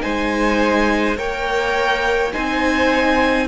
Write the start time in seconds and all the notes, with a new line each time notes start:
0.00 G#3 D#4 C5 G#5
1.16 A#3 A#4 C#5 G5
2.33 C4 D#4 C5 G#5